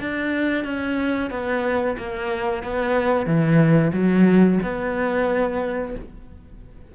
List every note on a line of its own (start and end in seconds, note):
0.00 0.65 D4
0.65 1.31 C#4
1.31 1.97 B3
1.98 2.64 A#3
2.64 3.26 B3
3.26 3.92 E3
3.94 4.60 F#3
4.63 5.95 B3